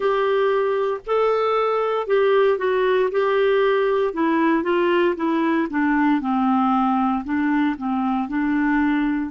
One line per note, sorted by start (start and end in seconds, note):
0.00 1.01 G4
1.06 2.07 A4
2.07 2.58 G4
2.58 3.09 F#4
3.11 4.13 G4
4.13 4.63 E4
4.63 5.14 F4
5.16 5.68 E4
5.69 6.20 D4
6.20 7.24 C4
7.24 7.76 D4
7.77 8.28 C4
8.28 9.31 D4